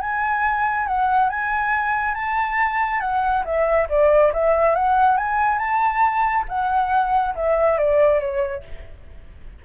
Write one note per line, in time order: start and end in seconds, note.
0.00 0.86 G#5
0.86 1.29 F#5
1.29 2.14 G#5
2.14 3.00 A5
3.00 3.43 F#5
3.44 3.87 E5
3.89 4.32 D5
4.33 4.75 E5
4.75 5.17 F#5
5.17 5.58 G#5
5.58 6.44 A5
6.48 7.34 F#5
7.35 7.77 E5
7.77 8.20 D5
8.20 8.63 C#5